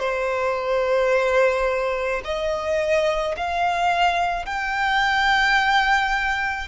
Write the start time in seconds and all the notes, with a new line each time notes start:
0.00 C5
2.24 D#5
3.37 F5
4.46 G5